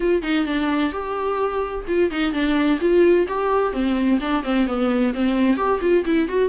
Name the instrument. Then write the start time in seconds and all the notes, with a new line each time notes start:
viola
0.00 F4
0.22 D#4
0.45 D4
0.92 G4
1.87 F4
2.10 D#4
2.32 D4
2.80 F4
3.28 G4
3.72 C4
4.20 D4
4.43 C4
4.67 B3
5.14 C4
5.56 G4
5.81 F4
6.05 E4
6.28 F#4